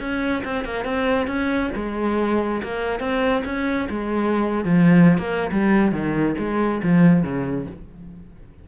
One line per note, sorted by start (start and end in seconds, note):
0.00 0.43 C#4
0.44 0.65 C4
0.65 0.85 A#3
0.85 1.27 C4
1.27 1.70 C#4
1.75 2.62 G#3
2.63 3.00 A#3
3.00 3.43 C4
3.45 3.88 C#4
3.90 4.65 G#3
4.65 5.18 F3
5.18 5.51 A#3
5.52 5.92 G3
5.92 6.35 D#3
6.38 6.82 G#3
6.83 7.23 F3
7.23 7.66 C#3